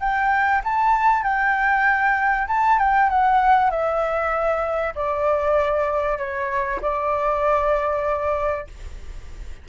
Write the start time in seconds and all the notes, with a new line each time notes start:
0.00 G5
0.64 A5
1.24 G5
2.48 A5
2.79 G5
3.10 F#5
3.71 E5
4.95 D5
6.18 C#5
6.82 D5